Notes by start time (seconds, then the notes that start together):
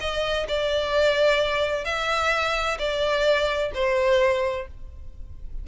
0.00 D#5
0.48 D5
1.85 E5
2.78 D5
3.74 C5